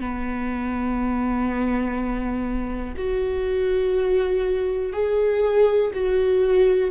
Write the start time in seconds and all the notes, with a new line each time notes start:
0.00 B3
2.97 F#4
4.93 G#4
5.94 F#4